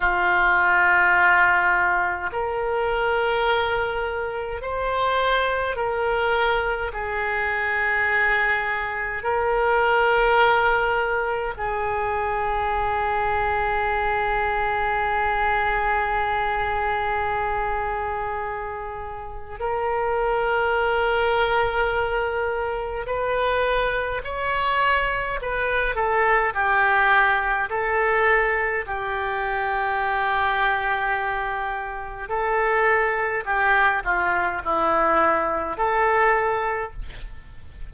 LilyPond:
\new Staff \with { instrumentName = "oboe" } { \time 4/4 \tempo 4 = 52 f'2 ais'2 | c''4 ais'4 gis'2 | ais'2 gis'2~ | gis'1~ |
gis'4 ais'2. | b'4 cis''4 b'8 a'8 g'4 | a'4 g'2. | a'4 g'8 f'8 e'4 a'4 | }